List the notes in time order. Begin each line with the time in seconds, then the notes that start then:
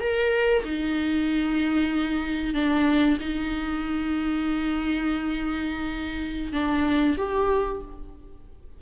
0.00 A#4
0.65 D#4
2.54 D4
3.20 D#4
6.53 D4
7.18 G4